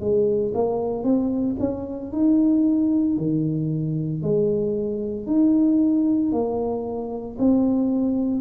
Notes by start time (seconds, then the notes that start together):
0.00 G#3
0.54 A#3
1.04 C4
1.59 C#4
2.12 D#4
3.17 D#3
4.22 G#3
5.27 D#4
6.32 A#3
7.39 C4